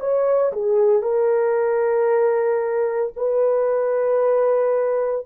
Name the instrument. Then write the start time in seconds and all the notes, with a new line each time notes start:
horn
0.00 C#5
0.53 G#4
1.02 A#4
3.17 B4